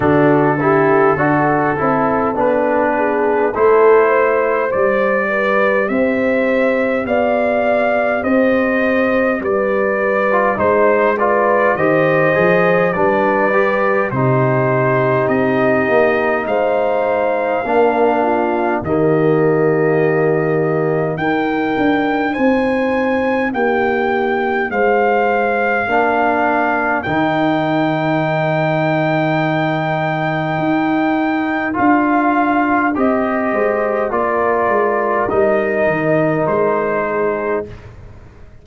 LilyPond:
<<
  \new Staff \with { instrumentName = "trumpet" } { \time 4/4 \tempo 4 = 51 a'2 b'4 c''4 | d''4 e''4 f''4 dis''4 | d''4 c''8 d''8 dis''4 d''4 | c''4 dis''4 f''2 |
dis''2 g''4 gis''4 | g''4 f''2 g''4~ | g''2. f''4 | dis''4 d''4 dis''4 c''4 | }
  \new Staff \with { instrumentName = "horn" } { \time 4/4 fis'8 g'8 a'4. gis'8 a'8 c''8~ | c''8 b'8 c''4 d''4 c''4 | b'4 c''8 b'8 c''4 b'4 | g'2 c''4 ais'8 f'8 |
g'2 ais'4 c''4 | g'4 c''4 ais'2~ | ais'1~ | ais'8 c''8 ais'2~ ais'8 gis'8 | }
  \new Staff \with { instrumentName = "trombone" } { \time 4/4 d'8 e'8 fis'8 e'8 d'4 e'4 | g'1~ | g'8. f'16 dis'8 f'8 g'8 gis'8 d'8 g'8 | dis'2. d'4 |
ais2 dis'2~ | dis'2 d'4 dis'4~ | dis'2. f'4 | g'4 f'4 dis'2 | }
  \new Staff \with { instrumentName = "tuba" } { \time 4/4 d4 d'8 c'8 b4 a4 | g4 c'4 b4 c'4 | g4 gis4 dis8 f8 g4 | c4 c'8 ais8 gis4 ais4 |
dis2 dis'8 d'8 c'4 | ais4 gis4 ais4 dis4~ | dis2 dis'4 d'4 | c'8 gis8 ais8 gis8 g8 dis8 gis4 | }
>>